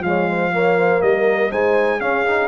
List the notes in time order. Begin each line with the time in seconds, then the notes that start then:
0.00 F3 G#3 F5
0.07 C#5
0.29 C5
0.52 A#3 C#5
0.78 C5
1.01 G3 A#4 D#5
1.50 G#3 D#4 C5 G#5
2.00 C#4 G#4 F5
2.26 D#4